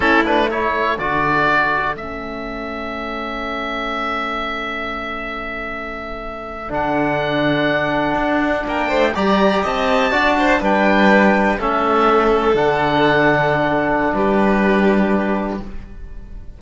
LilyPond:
<<
  \new Staff \with { instrumentName = "oboe" } { \time 4/4 \tempo 4 = 123 a'8 b'8 cis''4 d''2 | e''1~ | e''1~ | e''4.~ e''16 fis''2~ fis''16~ |
fis''4.~ fis''16 g''4 ais''4 a''16~ | a''4.~ a''16 g''2 e''16~ | e''4.~ e''16 fis''2~ fis''16~ | fis''4 b'2. | }
  \new Staff \with { instrumentName = "violin" } { \time 4/4 e'4 a'2.~ | a'1~ | a'1~ | a'1~ |
a'4.~ a'16 ais'8 c''8 d''4 dis''16~ | dis''8. d''8 c''8 b'2 a'16~ | a'1~ | a'4 g'2. | }
  \new Staff \with { instrumentName = "trombone" } { \time 4/4 cis'8 d'8 e'4 fis'2 | cis'1~ | cis'1~ | cis'4.~ cis'16 d'2~ d'16~ |
d'2~ d'8. g'4~ g'16~ | g'8. fis'4 d'2 cis'16~ | cis'4.~ cis'16 d'2~ d'16~ | d'1 | }
  \new Staff \with { instrumentName = "cello" } { \time 4/4 a2 d2 | a1~ | a1~ | a4.~ a16 d2~ d16~ |
d8. d'4 ais8 a8 g4 c'16~ | c'8. d'4 g2 a16~ | a4.~ a16 d2~ d16~ | d4 g2. | }
>>